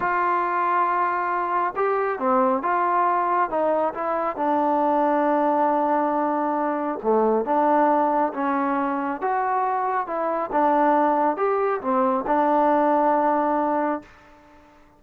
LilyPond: \new Staff \with { instrumentName = "trombone" } { \time 4/4 \tempo 4 = 137 f'1 | g'4 c'4 f'2 | dis'4 e'4 d'2~ | d'1 |
a4 d'2 cis'4~ | cis'4 fis'2 e'4 | d'2 g'4 c'4 | d'1 | }